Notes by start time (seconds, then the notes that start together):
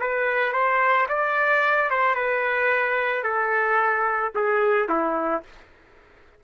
0.00 B4
0.53 C5
1.09 D5
1.90 C5
2.15 B4
3.24 A4
4.35 G#4
4.89 E4